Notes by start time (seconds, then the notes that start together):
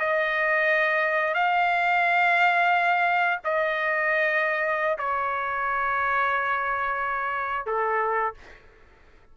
0.00 D#5
1.35 F5
3.44 D#5
4.98 C#5
7.66 A4